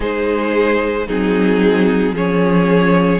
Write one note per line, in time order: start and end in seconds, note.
0.00 1.07 G#3
0.00 1.07 D#4
0.00 1.07 G#4
0.00 1.07 C5
1.07 2.12 F#3
1.07 2.16 C4
1.07 2.14 D#4
1.07 2.15 G#4
2.12 3.19 F3
2.12 3.19 C#4
2.12 3.19 G#4
2.12 3.19 C#5